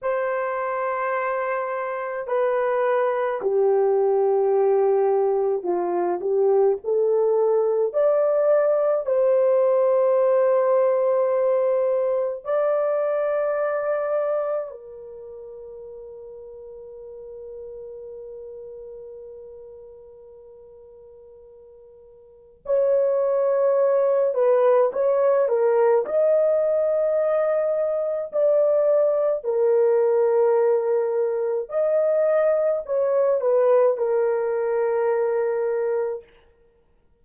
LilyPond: \new Staff \with { instrumentName = "horn" } { \time 4/4 \tempo 4 = 53 c''2 b'4 g'4~ | g'4 f'8 g'8 a'4 d''4 | c''2. d''4~ | d''4 ais'2.~ |
ais'1 | cis''4. b'8 cis''8 ais'8 dis''4~ | dis''4 d''4 ais'2 | dis''4 cis''8 b'8 ais'2 | }